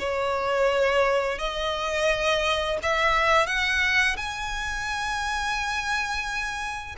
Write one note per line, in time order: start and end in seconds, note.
0.00 1.39 C#5
1.39 2.78 D#5
2.83 3.47 E5
3.47 4.17 F#5
4.17 6.96 G#5